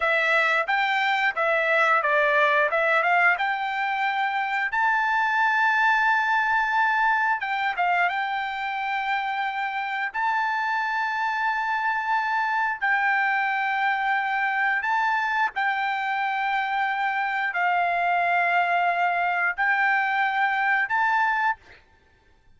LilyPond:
\new Staff \with { instrumentName = "trumpet" } { \time 4/4 \tempo 4 = 89 e''4 g''4 e''4 d''4 | e''8 f''8 g''2 a''4~ | a''2. g''8 f''8 | g''2. a''4~ |
a''2. g''4~ | g''2 a''4 g''4~ | g''2 f''2~ | f''4 g''2 a''4 | }